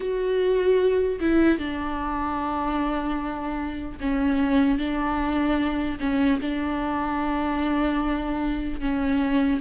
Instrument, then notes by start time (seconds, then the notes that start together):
viola
0.00 F#4
1.20 E4
1.58 D4
4.00 C#4
4.78 D4
6.00 C#4
6.41 D4
8.80 C#4